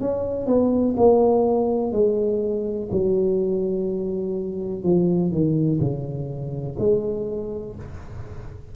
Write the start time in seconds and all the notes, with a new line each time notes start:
0.00 C#4
0.47 B3
0.97 A#3
1.92 G#3
2.91 F#3
4.83 F3
5.31 D#3
5.80 C#3
6.79 G#3